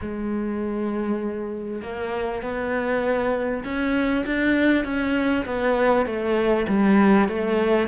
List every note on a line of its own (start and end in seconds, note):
0.01 1.82 G#3
1.82 2.42 A#3
2.42 3.63 B3
3.64 4.24 C#4
4.26 4.84 D4
4.84 5.45 C#4
5.45 6.06 B3
6.06 6.66 A3
6.68 7.28 G3
7.28 7.87 A3